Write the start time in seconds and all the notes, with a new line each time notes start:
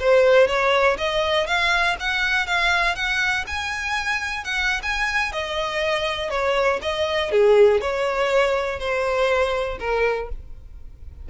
0.00 C5
0.48 C#5
0.98 D#5
1.47 F5
2.00 F#5
2.47 F5
2.96 F#5
3.47 G#5
4.45 F#5
4.83 G#5
5.32 D#5
6.30 C#5
6.82 D#5
7.32 G#4
7.81 C#5
8.79 C5
9.80 A#4